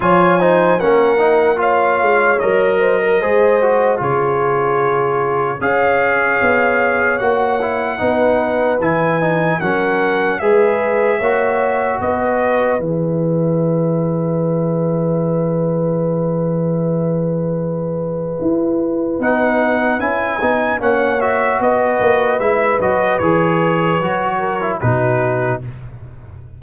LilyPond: <<
  \new Staff \with { instrumentName = "trumpet" } { \time 4/4 \tempo 4 = 75 gis''4 fis''4 f''4 dis''4~ | dis''4 cis''2 f''4~ | f''4 fis''2 gis''4 | fis''4 e''2 dis''4 |
e''1~ | e''1 | fis''4 gis''4 fis''8 e''8 dis''4 | e''8 dis''8 cis''2 b'4 | }
  \new Staff \with { instrumentName = "horn" } { \time 4/4 cis''8 c''8 ais'4 cis''4. c''16 ais'16 | c''4 gis'2 cis''4~ | cis''2 b'2 | ais'4 b'4 cis''4 b'4~ |
b'1~ | b'1~ | b'2 cis''4 b'4~ | b'2~ b'8 ais'8 fis'4 | }
  \new Staff \with { instrumentName = "trombone" } { \time 4/4 f'8 dis'8 cis'8 dis'8 f'4 ais'4 | gis'8 fis'8 f'2 gis'4~ | gis'4 fis'8 e'8 dis'4 e'8 dis'8 | cis'4 gis'4 fis'2 |
gis'1~ | gis'1 | dis'4 e'8 dis'8 cis'8 fis'4. | e'8 fis'8 gis'4 fis'8. e'16 dis'4 | }
  \new Staff \with { instrumentName = "tuba" } { \time 4/4 f4 ais4. gis8 fis4 | gis4 cis2 cis'4 | b4 ais4 b4 e4 | fis4 gis4 ais4 b4 |
e1~ | e2. e'4 | b4 cis'8 b8 ais4 b8 ais8 | gis8 fis8 e4 fis4 b,4 | }
>>